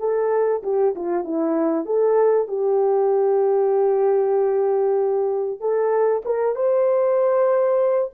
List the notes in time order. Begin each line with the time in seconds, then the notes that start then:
0.00 A4
0.64 G4
0.96 F4
1.25 E4
1.86 A4
2.48 G4
5.61 A4
6.25 A#4
6.56 C5